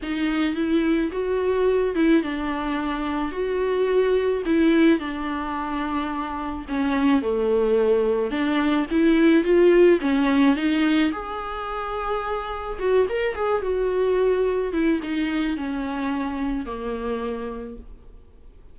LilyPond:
\new Staff \with { instrumentName = "viola" } { \time 4/4 \tempo 4 = 108 dis'4 e'4 fis'4. e'8 | d'2 fis'2 | e'4 d'2. | cis'4 a2 d'4 |
e'4 f'4 cis'4 dis'4 | gis'2. fis'8 ais'8 | gis'8 fis'2 e'8 dis'4 | cis'2 ais2 | }